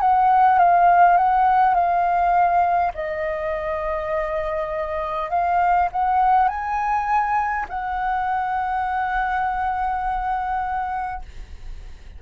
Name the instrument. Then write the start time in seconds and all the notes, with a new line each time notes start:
flute
0.00 F#5
0.58 F5
1.17 F#5
1.74 F5
2.94 D#5
5.30 F5
5.91 F#5
6.48 G#5
7.68 F#5